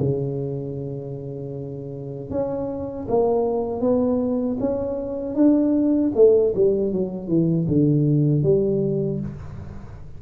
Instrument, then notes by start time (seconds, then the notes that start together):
tuba
0.00 C#3
2.30 C#4
3.08 A#3
3.80 B3
4.60 C#4
5.35 D4
6.15 A3
6.55 G3
6.93 F#3
7.28 E3
7.68 D3
8.43 G3